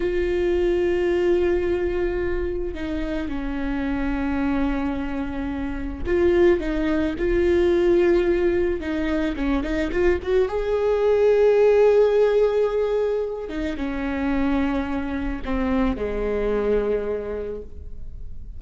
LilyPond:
\new Staff \with { instrumentName = "viola" } { \time 4/4 \tempo 4 = 109 f'1~ | f'4 dis'4 cis'2~ | cis'2. f'4 | dis'4 f'2. |
dis'4 cis'8 dis'8 f'8 fis'8 gis'4~ | gis'1~ | gis'8 dis'8 cis'2. | c'4 gis2. | }